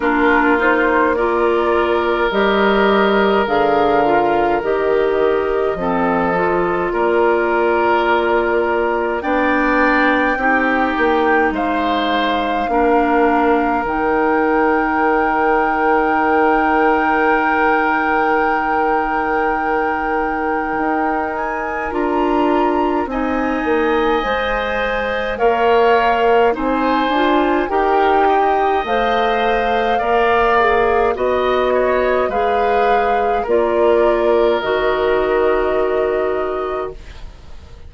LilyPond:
<<
  \new Staff \with { instrumentName = "flute" } { \time 4/4 \tempo 4 = 52 ais'8 c''8 d''4 dis''4 f''4 | dis''2 d''2 | g''2 f''2 | g''1~ |
g''2~ g''8 gis''8 ais''4 | gis''2 f''4 gis''4 | g''4 f''2 dis''4 | f''4 d''4 dis''2 | }
  \new Staff \with { instrumentName = "oboe" } { \time 4/4 f'4 ais'2.~ | ais'4 a'4 ais'2 | d''4 g'4 c''4 ais'4~ | ais'1~ |
ais'1 | dis''2 cis''4 c''4 | ais'8 dis''4. d''4 dis''8 cis''8 | b'4 ais'2. | }
  \new Staff \with { instrumentName = "clarinet" } { \time 4/4 d'8 dis'8 f'4 g'4 gis'8 f'8 | g'4 c'8 f'2~ f'8 | d'4 dis'2 d'4 | dis'1~ |
dis'2. f'4 | dis'4 c''4 ais'4 dis'8 f'8 | g'4 c''4 ais'8 gis'8 fis'4 | gis'4 f'4 fis'2 | }
  \new Staff \with { instrumentName = "bassoon" } { \time 4/4 ais2 g4 d4 | dis4 f4 ais2 | b4 c'8 ais8 gis4 ais4 | dis1~ |
dis2 dis'4 d'4 | c'8 ais8 gis4 ais4 c'8 d'8 | dis'4 a4 ais4 b4 | gis4 ais4 dis2 | }
>>